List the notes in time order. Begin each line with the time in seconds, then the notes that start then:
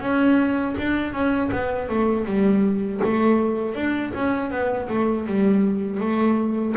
0.00 C#4
0.78 D4
1.12 C#4
1.52 B3
1.89 A3
2.25 G3
3.03 A3
3.75 D4
4.14 C#4
4.50 B3
4.89 A3
5.26 G3
6.00 A3